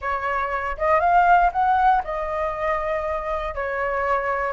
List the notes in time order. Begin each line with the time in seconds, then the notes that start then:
0.01 C#5
0.77 D#5
1.00 F5
1.52 F#5
2.04 D#5
3.54 C#5